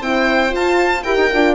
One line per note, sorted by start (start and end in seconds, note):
0.00 0.53 C4
0.00 0.49 E4
0.00 1.03 C5
0.00 0.55 G5
0.49 1.01 F4
0.49 1.05 F4
0.55 1.04 A5
1.04 1.16 E4
1.04 1.31 G4
1.04 1.56 A#4
1.04 1.55 G5
1.16 1.29 D#4
1.34 1.56 D4
1.34 1.56 F4